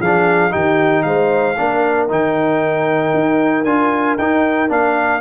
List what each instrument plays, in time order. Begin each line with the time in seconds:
0.00 tuba F3, trombone D4, horn G#4, trumpet F5
0.50 tuba D#3, trombone D#4, horn G4, trumpet G5
1.03 tuba G#3, horn C5, trumpet F5
1.57 tuba A#3, trombone D4, horn A#4
2.09 tuba D#3, trombone D#4, trumpet G5
3.14 tuba D#4
3.64 tuba D4, trombone F4, trumpet G#5
4.17 tuba D#4, trombone D#4, trumpet G5
4.68 tuba A#3, trombone D4, trumpet F5